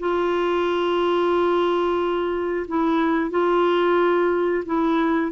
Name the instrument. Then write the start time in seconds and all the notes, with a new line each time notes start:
clarinet
0.00 F4
2.68 E4
3.31 F4
4.66 E4